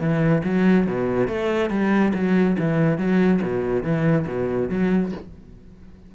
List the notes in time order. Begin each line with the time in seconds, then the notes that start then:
0.00 E3
0.44 F#3
0.87 B2
1.27 A3
1.70 G3
2.14 F#3
2.59 E3
2.98 F#3
3.42 B2
3.83 E3
4.27 B2
4.69 F#3